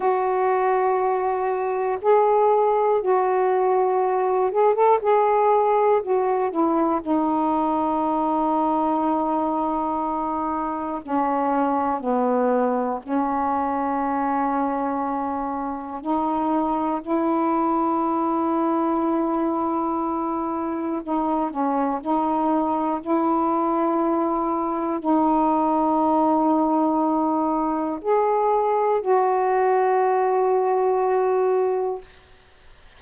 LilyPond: \new Staff \with { instrumentName = "saxophone" } { \time 4/4 \tempo 4 = 60 fis'2 gis'4 fis'4~ | fis'8 gis'16 a'16 gis'4 fis'8 e'8 dis'4~ | dis'2. cis'4 | b4 cis'2. |
dis'4 e'2.~ | e'4 dis'8 cis'8 dis'4 e'4~ | e'4 dis'2. | gis'4 fis'2. | }